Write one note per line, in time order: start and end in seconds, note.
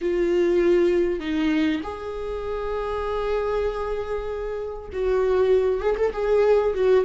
0.01 1.19 F4
1.19 1.81 D#4
1.83 4.89 G#4
4.92 5.80 F#4
5.80 5.95 G#4
5.97 6.12 A4
6.12 6.73 G#4
6.74 7.04 F#4